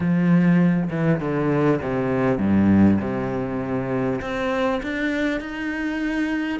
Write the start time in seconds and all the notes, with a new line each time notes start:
0.00 F3
0.90 E3
1.20 D3
1.82 C3
2.38 G2
3.00 C3
4.21 C4
4.82 D4
5.40 D#4